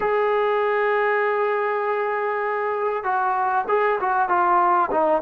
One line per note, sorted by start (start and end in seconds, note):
0.00 3.03 G#4
3.03 3.65 F#4
3.68 3.99 G#4
4.00 4.29 F#4
4.29 4.90 F4
4.91 5.22 D#4